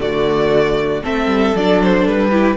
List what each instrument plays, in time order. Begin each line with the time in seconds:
0.00 cello D3, viola A3, violin F#4 D5
1.04 cello A3, viola C4, violin A4 E5
1.27 cello G3
1.55 cello F#3, viola D4, violin D5
1.83 violin C5
2.06 cello G3, violin B4
2.31 viola E4, violin G4